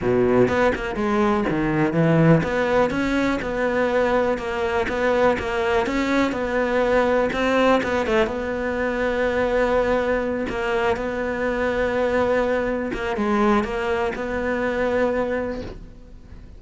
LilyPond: \new Staff \with { instrumentName = "cello" } { \time 4/4 \tempo 4 = 123 b,4 b8 ais8 gis4 dis4 | e4 b4 cis'4 b4~ | b4 ais4 b4 ais4 | cis'4 b2 c'4 |
b8 a8 b2.~ | b4. ais4 b4.~ | b2~ b8 ais8 gis4 | ais4 b2. | }